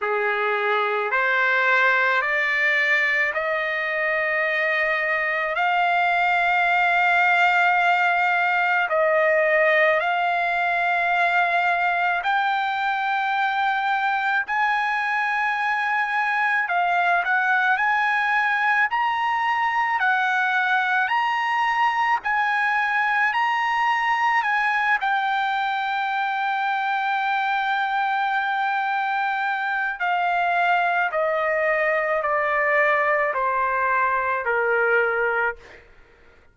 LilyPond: \new Staff \with { instrumentName = "trumpet" } { \time 4/4 \tempo 4 = 54 gis'4 c''4 d''4 dis''4~ | dis''4 f''2. | dis''4 f''2 g''4~ | g''4 gis''2 f''8 fis''8 |
gis''4 ais''4 fis''4 ais''4 | gis''4 ais''4 gis''8 g''4.~ | g''2. f''4 | dis''4 d''4 c''4 ais'4 | }